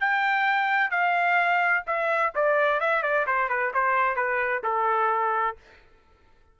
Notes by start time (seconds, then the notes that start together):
0.00 G5
0.91 F5
1.86 E5
2.35 D5
2.80 E5
3.03 D5
3.26 C5
3.49 B4
3.74 C5
4.16 B4
4.63 A4